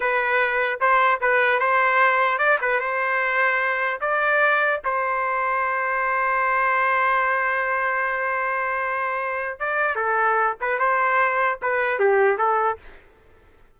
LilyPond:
\new Staff \with { instrumentName = "trumpet" } { \time 4/4 \tempo 4 = 150 b'2 c''4 b'4 | c''2 d''8 b'8 c''4~ | c''2 d''2 | c''1~ |
c''1~ | c''1 | d''4 a'4. b'8 c''4~ | c''4 b'4 g'4 a'4 | }